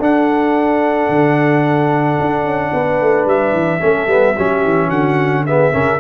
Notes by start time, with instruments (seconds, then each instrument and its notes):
0.00 tuba D4, trombone D4, horn A4, trumpet F#5
1.09 tuba D3
2.20 tuba D4
2.44 tuba C#4
2.73 tuba B3, horn B4
3.01 tuba A3
3.26 tuba G3, trumpet E5
3.53 tuba E3
3.80 tuba A3, trombone C#4, horn A4
4.07 tuba G3, trombone B3
4.36 tuba F#3, trombone C#4, horn G4
4.65 tuba E3
4.88 tuba D3, horn F#4, trumpet F#5
5.47 trombone B3, horn G#4, trumpet E5
5.72 tuba C#3, trombone C#4, horn A#4